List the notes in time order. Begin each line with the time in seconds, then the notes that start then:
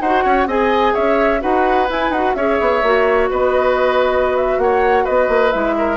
0.00 D#4 F#4 C5 F#5
0.24 C#4 C#5
0.46 C4 G#4 D#5 G#5
0.93 C#4 C#5 E5
1.39 D#4 F#4 B4 F#5
1.88 E4 G#5
2.09 D#4 F#4 F#5
2.34 C#4 G#4 C#5 E5
2.60 B3
2.82 A#3 F#4
3.29 B3 B4 D#5
4.36 E5
4.58 A#3 C#5 F#5
5.04 B3 B4 D#5
5.28 A#3
5.52 G#3 E4 E5
5.78 A#4